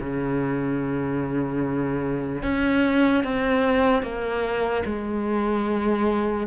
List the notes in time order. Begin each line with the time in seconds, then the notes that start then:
0.00 C#3
2.43 C#4
3.24 C4
4.02 A#3
4.85 G#3